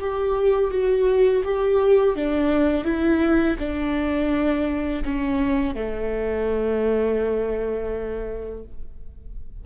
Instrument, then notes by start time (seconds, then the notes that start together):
viola
0.00 G4
0.71 F#4
1.44 G4
2.16 D4
2.85 E4
3.59 D4
5.05 C#4
5.75 A3